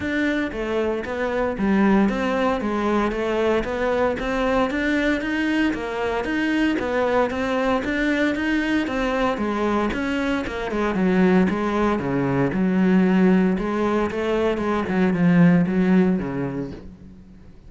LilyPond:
\new Staff \with { instrumentName = "cello" } { \time 4/4 \tempo 4 = 115 d'4 a4 b4 g4 | c'4 gis4 a4 b4 | c'4 d'4 dis'4 ais4 | dis'4 b4 c'4 d'4 |
dis'4 c'4 gis4 cis'4 | ais8 gis8 fis4 gis4 cis4 | fis2 gis4 a4 | gis8 fis8 f4 fis4 cis4 | }